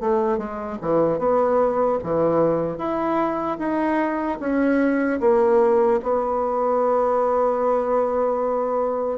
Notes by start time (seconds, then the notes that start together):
0.00 A3
0.38 G#3
0.81 E3
1.19 B3
2.03 E3
2.78 E4
3.59 D#4
4.40 C#4
5.20 A#3
6.02 B3